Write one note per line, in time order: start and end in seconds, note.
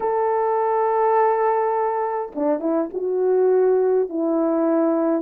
0.00 2.32 A4
2.35 2.60 D4
2.60 2.89 E4
2.93 4.09 F#4
4.09 5.22 E4